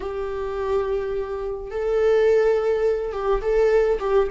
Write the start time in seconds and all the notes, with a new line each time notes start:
0.00 G4
1.70 A4
3.12 G4
3.41 A4
3.99 G4